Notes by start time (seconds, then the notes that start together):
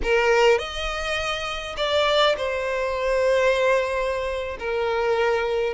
0.02 A#4
0.58 D#5
1.76 D5
2.37 C5
4.59 A#4